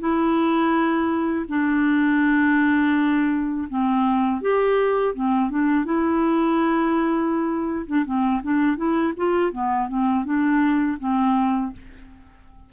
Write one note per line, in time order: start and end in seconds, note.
0.00 1.46 E4
1.49 3.69 D4
3.70 4.42 C4
4.42 5.15 G4
5.15 5.50 C4
5.50 5.85 D4
5.85 7.87 E4
7.87 8.06 D4
8.06 8.42 C4
8.43 8.77 D4
8.77 9.14 E4
9.17 9.53 F4
9.53 9.89 B3
9.89 10.25 C4
10.25 10.99 D4
11.00 11.73 C4